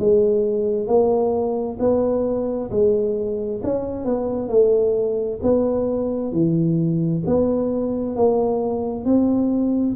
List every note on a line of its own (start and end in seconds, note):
0.00 0.88 G#3
0.88 1.79 A#3
1.80 2.71 B3
2.71 3.62 G#3
3.64 4.05 C#4
4.05 4.49 B3
4.49 5.40 A3
5.43 6.33 B3
6.33 7.24 E3
7.27 8.16 B3
8.16 9.05 A#3
9.05 9.96 C4